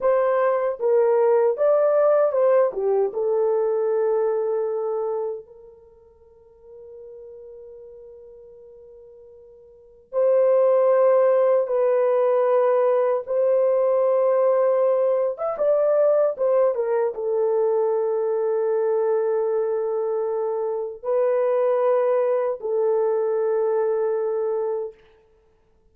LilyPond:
\new Staff \with { instrumentName = "horn" } { \time 4/4 \tempo 4 = 77 c''4 ais'4 d''4 c''8 g'8 | a'2. ais'4~ | ais'1~ | ais'4 c''2 b'4~ |
b'4 c''2~ c''8. e''16 | d''4 c''8 ais'8 a'2~ | a'2. b'4~ | b'4 a'2. | }